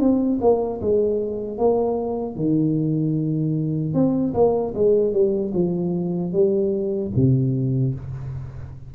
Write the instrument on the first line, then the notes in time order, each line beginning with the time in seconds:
tuba
0.00 C4
0.41 A#3
0.82 G#3
1.59 A#3
2.36 D#3
3.94 C4
4.34 A#3
4.75 G#3
5.14 G3
5.54 F3
6.33 G3
7.16 C3